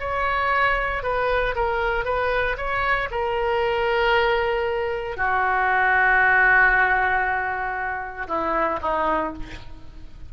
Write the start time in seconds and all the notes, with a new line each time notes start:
0.00 C#5
1.03 B4
1.56 A#4
2.05 B4
2.57 C#5
3.11 A#4
5.17 F#4
8.28 E4
8.82 D#4